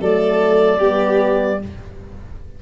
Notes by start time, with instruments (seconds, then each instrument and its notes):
0.00 tuba F#3, horn A3, violin A4, clarinet D5
0.78 tuba G3, horn B3, violin G4